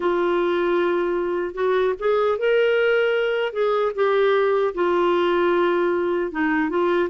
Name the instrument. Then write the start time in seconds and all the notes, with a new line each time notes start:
clarinet
0.00 F4
1.54 F#4
1.99 G#4
2.38 A#4
3.52 G#4
3.95 G4
4.74 F4
6.31 D#4
6.69 F4